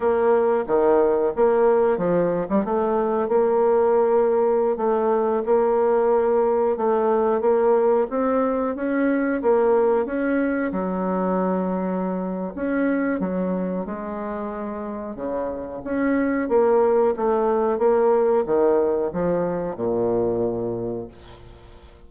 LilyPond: \new Staff \with { instrumentName = "bassoon" } { \time 4/4 \tempo 4 = 91 ais4 dis4 ais4 f8. g16 | a4 ais2~ ais16 a8.~ | a16 ais2 a4 ais8.~ | ais16 c'4 cis'4 ais4 cis'8.~ |
cis'16 fis2~ fis8. cis'4 | fis4 gis2 cis4 | cis'4 ais4 a4 ais4 | dis4 f4 ais,2 | }